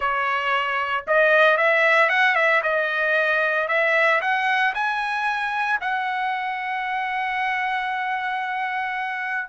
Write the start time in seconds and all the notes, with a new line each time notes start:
0.00 C#5
1.07 D#5
1.57 E5
2.09 F#5
2.35 E5
2.62 D#5
3.68 E5
4.21 F#5
4.74 G#5
5.80 F#5